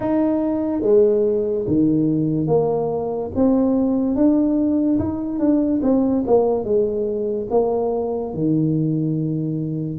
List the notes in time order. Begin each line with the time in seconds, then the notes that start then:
0.00 D#4
0.81 G#3
1.67 D#3
2.47 A#3
3.35 C4
4.15 D4
4.99 D#4
5.39 D4
5.82 C4
6.27 A#3
6.64 G#3
7.50 A#3
8.34 D#3